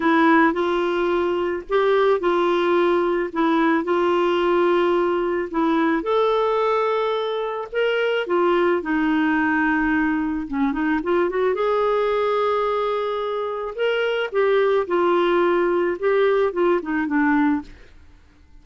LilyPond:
\new Staff \with { instrumentName = "clarinet" } { \time 4/4 \tempo 4 = 109 e'4 f'2 g'4 | f'2 e'4 f'4~ | f'2 e'4 a'4~ | a'2 ais'4 f'4 |
dis'2. cis'8 dis'8 | f'8 fis'8 gis'2.~ | gis'4 ais'4 g'4 f'4~ | f'4 g'4 f'8 dis'8 d'4 | }